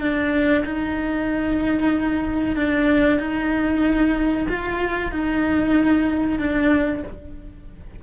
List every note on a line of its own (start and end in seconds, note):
0.00 0.64 D4
0.64 2.56 D#4
2.56 3.19 D4
3.19 4.47 D#4
4.49 5.11 F4
5.11 6.39 D#4
6.39 7.03 D4